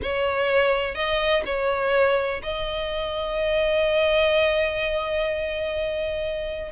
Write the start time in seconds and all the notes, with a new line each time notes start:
0.02 C#5
0.94 D#5
1.45 C#5
2.42 D#5